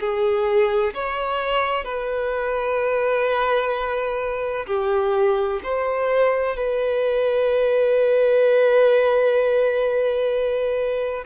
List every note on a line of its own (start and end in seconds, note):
0.00 0.94 G#4
0.94 1.85 C#5
1.85 4.66 B4
4.67 5.60 G4
5.63 6.56 C5
6.56 11.25 B4